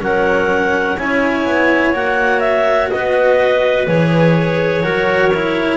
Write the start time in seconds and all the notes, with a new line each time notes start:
0.00 F#3 C#4 A#4 F#5
0.98 C#4 E4 C#5 G#5
1.45 B3
1.94 A#3 F#4 F#5
2.40 E5
2.90 B3 B4 D#5
3.87 E3 G#4 C#5
4.83 F#3 F#4 A#4
5.35 E4